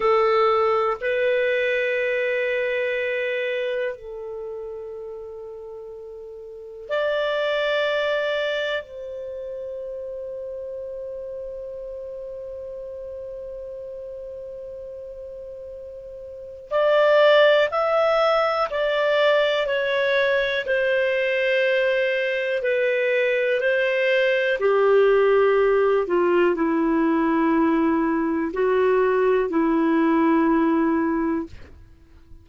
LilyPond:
\new Staff \with { instrumentName = "clarinet" } { \time 4/4 \tempo 4 = 61 a'4 b'2. | a'2. d''4~ | d''4 c''2.~ | c''1~ |
c''4 d''4 e''4 d''4 | cis''4 c''2 b'4 | c''4 g'4. f'8 e'4~ | e'4 fis'4 e'2 | }